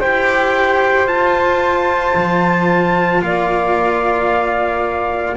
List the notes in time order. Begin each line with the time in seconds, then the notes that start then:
0.00 E4 G4 C5 G5
1.06 F4 A5
2.15 F3
3.22 A#3 D5 F5